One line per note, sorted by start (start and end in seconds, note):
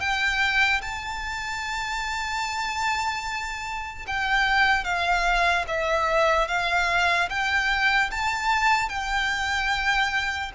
0.00 0.81 G5
0.81 4.06 A5
4.07 4.84 G5
4.84 5.65 F5
5.67 6.48 E5
6.48 7.29 F5
7.29 8.10 G5
8.11 8.89 A5
8.89 10.51 G5